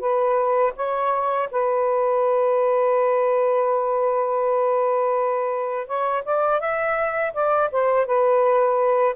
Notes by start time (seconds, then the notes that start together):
0.00 B4
0.76 C#5
1.52 B4
5.87 C#5
6.25 D5
6.60 E5
7.34 D5
7.72 C5
8.06 B4